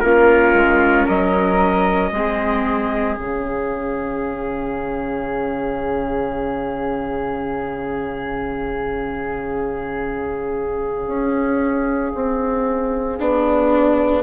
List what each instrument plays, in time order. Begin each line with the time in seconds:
0.00 bassoon A#3, viola C#4, flute F4, trumpet A#4
0.53 bassoon G#3
1.05 bassoon F#3, flute A#4, trumpet D#5
2.12 bassoon G#3, viola C4, flute G#4
3.17 bassoon C#3, viola C#4, trumpet F5
11.07 bassoon C#4
12.14 bassoon C4
13.19 bassoon B3, viola D4